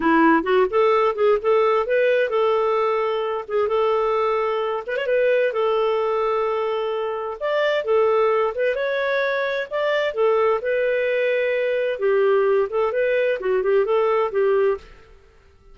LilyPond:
\new Staff \with { instrumentName = "clarinet" } { \time 4/4 \tempo 4 = 130 e'4 fis'8 a'4 gis'8 a'4 | b'4 a'2~ a'8 gis'8 | a'2~ a'8 b'16 cis''16 b'4 | a'1 |
d''4 a'4. b'8 cis''4~ | cis''4 d''4 a'4 b'4~ | b'2 g'4. a'8 | b'4 fis'8 g'8 a'4 g'4 | }